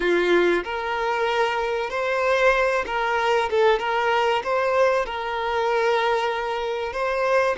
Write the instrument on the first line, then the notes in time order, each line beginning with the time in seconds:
violin
0.00 F4
0.64 A#4
1.89 C5
2.86 A#4
3.50 A4
3.79 A#4
4.43 C5
5.05 A#4
6.92 C5